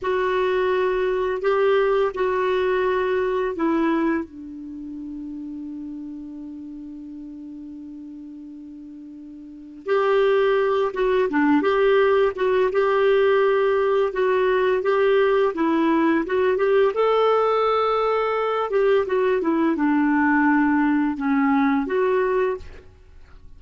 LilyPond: \new Staff \with { instrumentName = "clarinet" } { \time 4/4 \tempo 4 = 85 fis'2 g'4 fis'4~ | fis'4 e'4 d'2~ | d'1~ | d'2 g'4. fis'8 |
d'8 g'4 fis'8 g'2 | fis'4 g'4 e'4 fis'8 g'8 | a'2~ a'8 g'8 fis'8 e'8 | d'2 cis'4 fis'4 | }